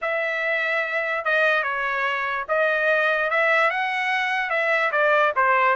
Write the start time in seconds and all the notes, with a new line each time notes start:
0.01 E5
1.25 D#5
1.63 C#5
2.48 D#5
3.30 E5
3.70 F#5
4.50 E5
4.91 D5
5.36 C5